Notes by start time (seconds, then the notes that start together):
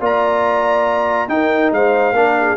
0.00 A#3 F4 D5 A#5
1.28 D#4 A#4 G5
1.72 G#3 C5 F5
2.13 A#3 D4 A#4
2.41 G#4